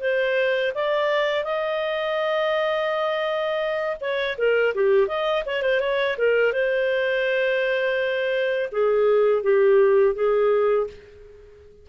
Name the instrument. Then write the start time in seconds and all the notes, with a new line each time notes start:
clarinet
0.00 C5
0.75 D5
1.44 D#5
4.01 C#5
4.38 A#4
4.74 G4
5.07 D#5
5.46 C#5
5.62 C5
5.80 C#5
6.18 A#4
6.53 C5
8.72 G#4
9.43 G4
10.15 G#4